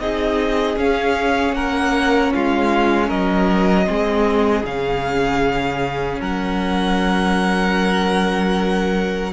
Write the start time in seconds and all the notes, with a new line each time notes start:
0.00 C4 D#4 G#4 D#5
0.77 C#4 F5
1.53 A#3 A#4 F#5
2.34 G#3 F4 F5
3.08 F#3 A#4 D#5
3.86 G#3 C4 G#4
4.64 C#3 C#4 F5
6.21 F#3 A#4 F#5